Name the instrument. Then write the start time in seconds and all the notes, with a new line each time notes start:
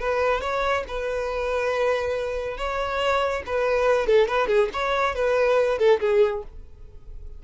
violin
0.00 B4
0.41 C#5
0.88 B4
2.57 C#5
3.46 B4
4.07 A4
4.28 B4
4.47 G#4
4.73 C#5
5.15 B4
5.79 A4
6.00 G#4